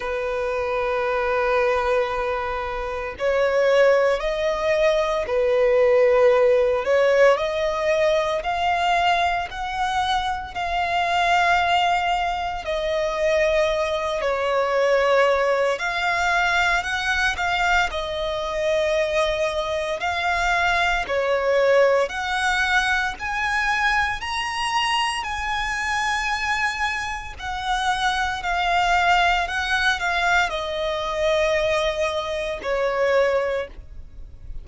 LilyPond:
\new Staff \with { instrumentName = "violin" } { \time 4/4 \tempo 4 = 57 b'2. cis''4 | dis''4 b'4. cis''8 dis''4 | f''4 fis''4 f''2 | dis''4. cis''4. f''4 |
fis''8 f''8 dis''2 f''4 | cis''4 fis''4 gis''4 ais''4 | gis''2 fis''4 f''4 | fis''8 f''8 dis''2 cis''4 | }